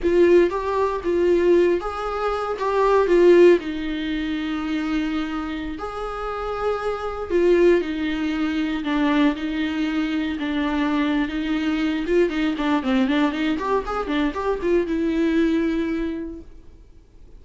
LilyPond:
\new Staff \with { instrumentName = "viola" } { \time 4/4 \tempo 4 = 117 f'4 g'4 f'4. gis'8~ | gis'4 g'4 f'4 dis'4~ | dis'2.~ dis'16 gis'8.~ | gis'2~ gis'16 f'4 dis'8.~ |
dis'4~ dis'16 d'4 dis'4.~ dis'16~ | dis'16 d'4.~ d'16 dis'4. f'8 | dis'8 d'8 c'8 d'8 dis'8 g'8 gis'8 d'8 | g'8 f'8 e'2. | }